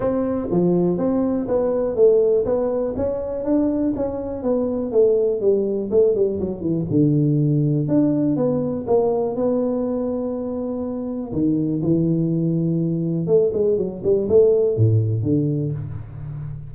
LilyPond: \new Staff \with { instrumentName = "tuba" } { \time 4/4 \tempo 4 = 122 c'4 f4 c'4 b4 | a4 b4 cis'4 d'4 | cis'4 b4 a4 g4 | a8 g8 fis8 e8 d2 |
d'4 b4 ais4 b4~ | b2. dis4 | e2. a8 gis8 | fis8 g8 a4 a,4 d4 | }